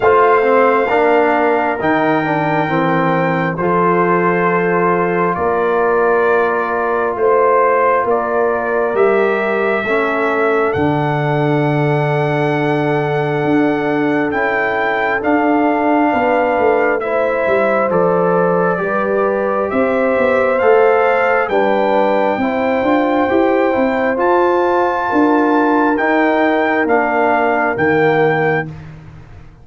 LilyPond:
<<
  \new Staff \with { instrumentName = "trumpet" } { \time 4/4 \tempo 4 = 67 f''2 g''2 | c''2 d''2 | c''4 d''4 e''2 | fis''1 |
g''4 f''2 e''4 | d''2 e''4 f''4 | g''2. a''4~ | a''4 g''4 f''4 g''4 | }
  \new Staff \with { instrumentName = "horn" } { \time 4/4 c''4 ais'2. | a'2 ais'2 | c''4 ais'2 a'4~ | a'1~ |
a'2 b'4 c''4~ | c''4 b'4 c''2 | b'4 c''2. | ais'1 | }
  \new Staff \with { instrumentName = "trombone" } { \time 4/4 f'8 c'8 d'4 dis'8 d'8 c'4 | f'1~ | f'2 g'4 cis'4 | d'1 |
e'4 d'2 e'4 | a'4 g'2 a'4 | d'4 e'8 f'8 g'8 e'8 f'4~ | f'4 dis'4 d'4 ais4 | }
  \new Staff \with { instrumentName = "tuba" } { \time 4/4 a4 ais4 dis4 e4 | f2 ais2 | a4 ais4 g4 a4 | d2. d'4 |
cis'4 d'4 b8 a4 g8 | f4 g4 c'8 b8 a4 | g4 c'8 d'8 e'8 c'8 f'4 | d'4 dis'4 ais4 dis4 | }
>>